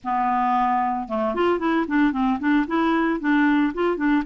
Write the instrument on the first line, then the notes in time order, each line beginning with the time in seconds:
clarinet
0.04 B3
1.08 A3
1.34 F4
1.59 E4
1.87 D4
2.12 C4
2.39 D4
2.67 E4
3.20 D4
3.74 F4
3.96 D4